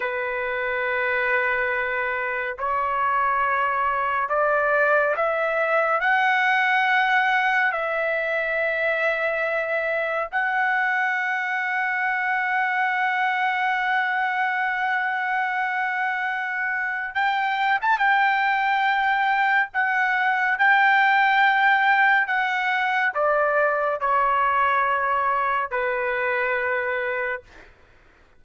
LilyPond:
\new Staff \with { instrumentName = "trumpet" } { \time 4/4 \tempo 4 = 70 b'2. cis''4~ | cis''4 d''4 e''4 fis''4~ | fis''4 e''2. | fis''1~ |
fis''1 | g''8. a''16 g''2 fis''4 | g''2 fis''4 d''4 | cis''2 b'2 | }